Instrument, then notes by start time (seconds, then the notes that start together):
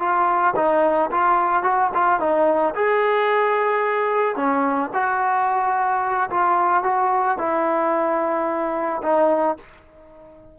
trombone
0.00 F4
0.56 D#4
1.12 F4
1.64 F#4
1.95 F4
2.20 D#4
2.75 G#4
4.36 C#4
4.94 F#4
6.30 F4
6.84 F#4
7.39 E4
9.03 D#4